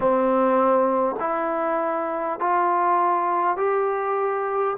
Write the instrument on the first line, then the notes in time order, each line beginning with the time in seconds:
trombone
0.00 C4
1.19 E4
2.39 F4
3.56 G4